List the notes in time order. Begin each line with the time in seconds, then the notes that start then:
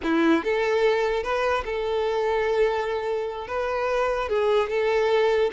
0.03 E4
0.43 A4
1.23 B4
1.65 A4
3.47 B4
4.29 G#4
4.69 A4